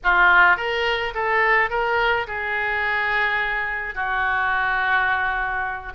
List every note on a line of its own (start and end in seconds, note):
0.03 0.57 F4
0.57 1.13 A#4
1.14 1.70 A4
1.70 2.26 A#4
2.27 3.94 G#4
3.94 5.92 F#4